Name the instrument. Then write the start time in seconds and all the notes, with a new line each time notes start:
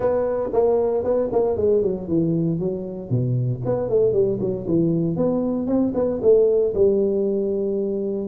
tuba
0.00 B3
0.52 A#3
1.03 B3
1.32 A#3
1.57 G#3
1.82 F#3
2.07 E3
2.59 F#3
3.10 B2
3.65 B3
3.89 A3
4.12 G3
4.40 F#3
4.67 E3
5.16 B3
5.66 C4
5.94 B3
6.22 A3
6.74 G3